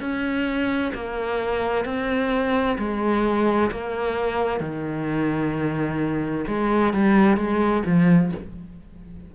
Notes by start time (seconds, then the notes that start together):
0.00 C#4
0.94 A#3
1.85 C4
2.78 G#3
3.71 A#3
4.60 D#3
6.47 G#3
6.93 G3
7.37 G#3
7.85 F3